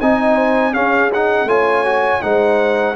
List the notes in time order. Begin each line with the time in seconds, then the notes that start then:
0.00 C4 D#4 D#5 G#5
0.35 C5
0.73 C#4 G#4 F5
1.13 D#4 F#5
1.44 A3 F4 C#5 G#5
1.85 F#4
2.21 G#3 D#4 C5 F#5